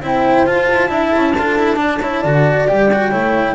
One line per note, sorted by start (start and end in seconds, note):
0.00 0.44 C4
0.00 0.46 E4
0.00 0.91 C5
0.00 0.47 G5
0.45 0.68 F4
0.45 0.89 F4
0.45 2.69 A5
0.73 0.89 E4
0.89 1.11 D4
0.89 1.33 E4
0.89 1.36 E5
1.16 1.36 C#4
1.36 2.24 D4
1.36 1.59 F4
1.36 1.80 A4
1.59 1.76 E4
1.76 1.98 D4
1.76 2.02 D5
2.02 2.24 E4
2.02 2.21 C#5
2.21 2.68 D3
2.21 2.68 F#4
2.21 3.10 D5
2.68 3.13 G3
2.68 2.90 G4
2.68 3.54 G5
2.93 3.11 F#4
3.10 3.54 A3
3.10 3.54 E4
3.10 3.54 C#5